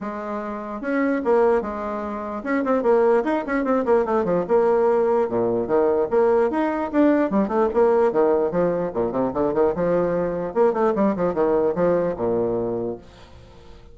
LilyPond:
\new Staff \with { instrumentName = "bassoon" } { \time 4/4 \tempo 4 = 148 gis2 cis'4 ais4 | gis2 cis'8 c'8 ais4 | dis'8 cis'8 c'8 ais8 a8 f8 ais4~ | ais4 ais,4 dis4 ais4 |
dis'4 d'4 g8 a8 ais4 | dis4 f4 ais,8 c8 d8 dis8 | f2 ais8 a8 g8 f8 | dis4 f4 ais,2 | }